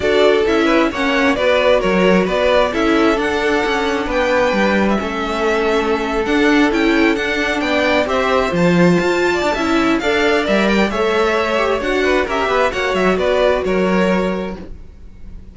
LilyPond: <<
  \new Staff \with { instrumentName = "violin" } { \time 4/4 \tempo 4 = 132 d''4 e''4 fis''4 d''4 | cis''4 d''4 e''4 fis''4~ | fis''4 g''4.~ g''16 e''4~ e''16~ | e''4.~ e''16 fis''4 g''4 fis''16~ |
fis''8. g''4 e''4 a''4~ a''16~ | a''2 f''4 e''8 g''8 | e''2 fis''4 e''4 | fis''8 e''8 d''4 cis''2 | }
  \new Staff \with { instrumentName = "violin" } { \time 4/4 a'4. b'8 cis''4 b'4 | ais'4 b'4 a'2~ | a'4 b'2 a'4~ | a'1~ |
a'8. d''4 c''2~ c''16~ | c''8 d''8 e''4 d''2 | cis''2~ cis''8 b'8 ais'8 b'8 | cis''4 b'4 ais'2 | }
  \new Staff \with { instrumentName = "viola" } { \time 4/4 fis'4 e'4 cis'4 fis'4~ | fis'2 e'4 d'4~ | d'2. cis'4~ | cis'4.~ cis'16 d'4 e'4 d'16~ |
d'4.~ d'16 g'4 f'4~ f'16~ | f'4 e'4 a'4 ais'4 | a'4. g'8 fis'4 g'4 | fis'1 | }
  \new Staff \with { instrumentName = "cello" } { \time 4/4 d'4 cis'4 ais4 b4 | fis4 b4 cis'4 d'4 | cis'4 b4 g4 a4~ | a4.~ a16 d'4 cis'4 d'16~ |
d'8. b4 c'4 f4 f'16~ | f'8. d'16 cis'4 d'4 g4 | a2 d'4 cis'8 b8 | ais8 fis8 b4 fis2 | }
>>